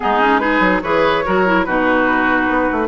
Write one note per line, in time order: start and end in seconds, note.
0.00 0.60 G#3
0.00 0.20 B3
0.00 0.40 D#4
0.00 0.38 G#4
0.20 0.40 C#4
0.38 0.81 D#4
0.38 0.82 G#4
0.38 0.80 B4
0.60 0.80 F#3
0.82 1.24 E3
0.82 1.24 G#4
0.82 1.24 B4
0.82 1.64 C#5
1.25 1.66 F#3
1.25 1.46 F#4
1.25 1.66 A#4
1.46 1.66 E4
1.64 2.48 B2
1.64 2.88 D#4
1.64 2.88 F#4
1.64 2.88 B4
2.48 2.69 B3
2.72 2.88 A3